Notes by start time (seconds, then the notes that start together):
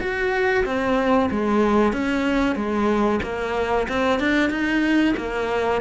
0.00 F#4
0.65 C4
1.31 G#3
1.93 C#4
2.56 G#3
3.23 A#3
3.89 C4
4.20 D4
4.50 D#4
5.17 A#3